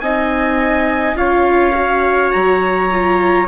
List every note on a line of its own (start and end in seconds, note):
0.00 1.14 C4
0.00 1.15 D#4
0.00 1.18 D#5
0.00 1.15 G#5
1.14 2.30 C#4
1.14 1.73 F4
1.14 3.47 C#5
1.14 2.31 F5
1.74 2.89 F#4
2.31 3.47 F#3
2.31 3.46 A#5
2.91 3.47 F4